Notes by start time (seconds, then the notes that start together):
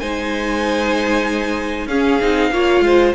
0.00 G#3 D#4 C5 G#5
1.86 C#4 G#4 F5
2.22 C4 D#4
2.51 A#3 F4 C#5
2.81 G#3 C5